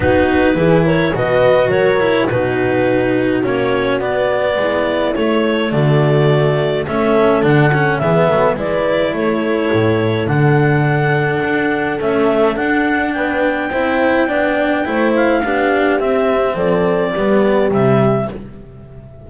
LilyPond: <<
  \new Staff \with { instrumentName = "clarinet" } { \time 4/4 \tempo 4 = 105 b'4. cis''8 dis''4 cis''4 | b'2 cis''4 d''4~ | d''4 cis''4 d''2 | e''4 fis''4 e''4 d''4 |
cis''2 fis''2~ | fis''4 e''4 fis''4 g''4~ | g''2~ g''8 f''4. | e''4 d''2 e''4 | }
  \new Staff \with { instrumentName = "horn" } { \time 4/4 fis'4 gis'8 ais'8 b'4 ais'4 | fis'1 | e'2 fis'2 | a'2 gis'8 a'8 b'4 |
a'1~ | a'2. b'4 | c''4 d''4 c''4 g'4~ | g'4 a'4 g'2 | }
  \new Staff \with { instrumentName = "cello" } { \time 4/4 dis'4 e'4 fis'4. e'8 | dis'2 cis'4 b4~ | b4 a2. | cis'4 d'8 cis'8 b4 e'4~ |
e'2 d'2~ | d'4 a4 d'2 | e'4 d'4 e'4 d'4 | c'2 b4 g4 | }
  \new Staff \with { instrumentName = "double bass" } { \time 4/4 b4 e4 b,4 fis4 | b,2 ais4 b4 | gis4 a4 d2 | a4 d4 e8 fis8 gis4 |
a4 a,4 d2 | d'4 cis'4 d'4 b4 | c'4 b4 a4 b4 | c'4 f4 g4 c4 | }
>>